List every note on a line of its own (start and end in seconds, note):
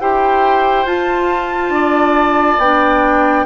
0.00 0.86 E4
0.00 0.86 G4
0.00 1.74 C5
0.00 0.87 G5
0.86 1.70 F4
0.86 2.60 F4
0.86 2.60 A5
1.70 2.57 D4
1.70 3.46 D5
2.58 3.45 B3
2.58 3.46 D4
2.58 3.46 G5